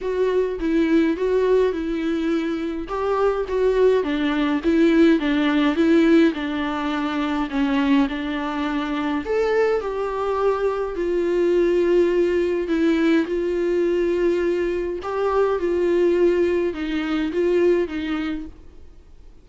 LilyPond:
\new Staff \with { instrumentName = "viola" } { \time 4/4 \tempo 4 = 104 fis'4 e'4 fis'4 e'4~ | e'4 g'4 fis'4 d'4 | e'4 d'4 e'4 d'4~ | d'4 cis'4 d'2 |
a'4 g'2 f'4~ | f'2 e'4 f'4~ | f'2 g'4 f'4~ | f'4 dis'4 f'4 dis'4 | }